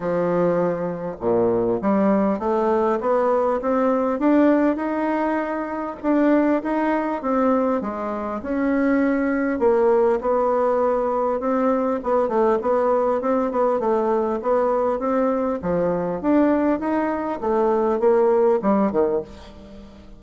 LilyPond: \new Staff \with { instrumentName = "bassoon" } { \time 4/4 \tempo 4 = 100 f2 ais,4 g4 | a4 b4 c'4 d'4 | dis'2 d'4 dis'4 | c'4 gis4 cis'2 |
ais4 b2 c'4 | b8 a8 b4 c'8 b8 a4 | b4 c'4 f4 d'4 | dis'4 a4 ais4 g8 dis8 | }